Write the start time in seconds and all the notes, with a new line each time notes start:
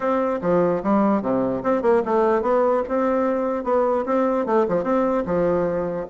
0.00 C4
0.41 F3
0.83 G3
1.22 C3
1.63 C4
1.82 A#3
2.05 A3
2.42 B3
2.88 C4
3.64 B3
4.05 C4
4.46 A3
4.68 F3
4.83 C4
5.25 F3